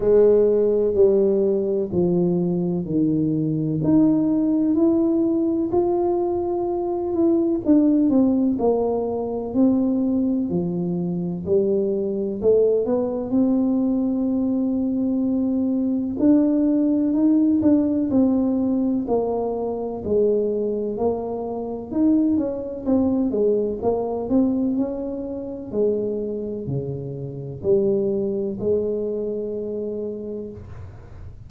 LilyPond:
\new Staff \with { instrumentName = "tuba" } { \time 4/4 \tempo 4 = 63 gis4 g4 f4 dis4 | dis'4 e'4 f'4. e'8 | d'8 c'8 ais4 c'4 f4 | g4 a8 b8 c'2~ |
c'4 d'4 dis'8 d'8 c'4 | ais4 gis4 ais4 dis'8 cis'8 | c'8 gis8 ais8 c'8 cis'4 gis4 | cis4 g4 gis2 | }